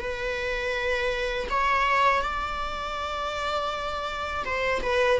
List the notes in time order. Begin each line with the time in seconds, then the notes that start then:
0.00 B4
1.49 C#5
2.22 D5
4.45 C5
4.82 B4